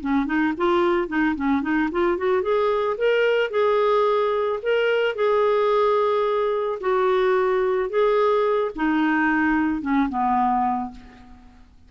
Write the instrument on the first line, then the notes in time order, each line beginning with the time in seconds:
clarinet
0.00 C#4
0.26 D#4
0.57 F4
1.08 D#4
1.35 C#4
1.62 D#4
1.91 F4
2.17 F#4
2.42 G#4
2.97 A#4
3.50 G#4
4.62 A#4
5.15 G#4
6.80 F#4
7.89 G#4
8.75 D#4
9.81 C#4
10.09 B3